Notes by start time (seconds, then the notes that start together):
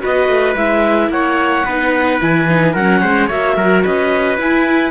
0.00 B3 F#4 B4 D#5
0.28 A3
0.57 G#3 E4 E5
1.10 A#3 C#5 F#5
1.66 B3 D#4 B4
2.21 E3 E4 G#5
2.49 D#4
2.73 F#3 C#4 A#4 F#5
3.02 G#3 C5
3.27 A#3 F#4 C#5 E5
3.57 F#3 A#4
3.84 C#4 B4 D#5
4.38 E4 G#5